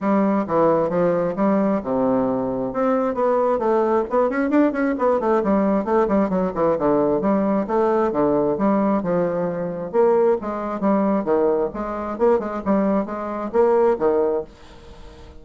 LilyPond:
\new Staff \with { instrumentName = "bassoon" } { \time 4/4 \tempo 4 = 133 g4 e4 f4 g4 | c2 c'4 b4 | a4 b8 cis'8 d'8 cis'8 b8 a8 | g4 a8 g8 fis8 e8 d4 |
g4 a4 d4 g4 | f2 ais4 gis4 | g4 dis4 gis4 ais8 gis8 | g4 gis4 ais4 dis4 | }